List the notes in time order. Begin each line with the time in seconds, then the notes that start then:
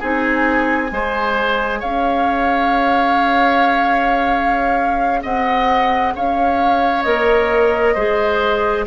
0.00 C4 D#4 G#4 G#5
0.88 G#3 G#4
0.94 C5
1.80 C#4 C#5 F5
5.23 C4 D#5 F#5
6.16 C#4 C#5 F5
7.03 A#3 A#4 D#5
7.95 G#3 G#4 C5